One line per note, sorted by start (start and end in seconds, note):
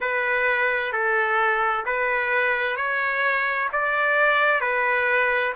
0.00 0.92 B4
0.92 1.85 A4
1.85 2.76 B4
2.76 3.68 C#5
3.72 4.60 D5
4.60 5.53 B4